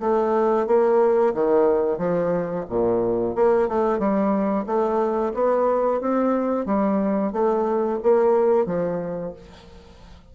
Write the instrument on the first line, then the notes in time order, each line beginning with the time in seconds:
bassoon
0.00 A3
0.67 A#3
1.34 D#3
1.98 F3
2.69 A#2
3.35 A#3
3.68 A3
3.98 G3
4.66 A3
5.34 B3
6.01 C4
6.65 G3
7.32 A3
8.03 A#3
8.66 F3